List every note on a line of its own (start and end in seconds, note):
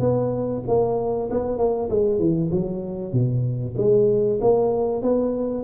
0.00 0.62 B3
0.68 1.30 A#3
1.31 1.58 B3
1.58 1.89 A#3
1.90 2.19 G#3
2.19 2.51 E3
2.52 3.13 F#3
3.13 3.75 B2
3.78 4.40 G#3
4.41 5.03 A#3
5.03 5.64 B3